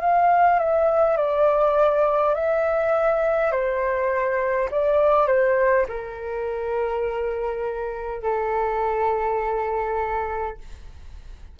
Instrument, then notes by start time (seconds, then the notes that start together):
flute
0.00 F5
0.59 E5
1.17 D5
2.34 E5
3.51 C5
4.71 D5
5.27 C5
5.88 A#4
8.22 A4